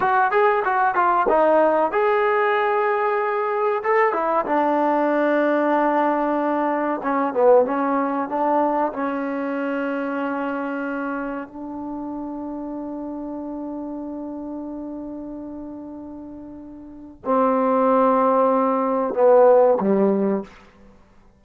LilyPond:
\new Staff \with { instrumentName = "trombone" } { \time 4/4 \tempo 4 = 94 fis'8 gis'8 fis'8 f'8 dis'4 gis'4~ | gis'2 a'8 e'8 d'4~ | d'2. cis'8 b8 | cis'4 d'4 cis'2~ |
cis'2 d'2~ | d'1~ | d'2. c'4~ | c'2 b4 g4 | }